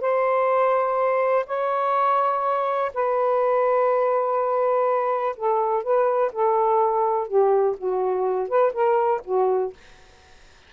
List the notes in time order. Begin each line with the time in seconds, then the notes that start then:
0.00 C5
1.46 C#5
2.94 B4
5.36 A4
5.83 B4
6.32 A4
7.27 G4
7.77 F#4
8.48 B4
8.73 A#4
9.24 F#4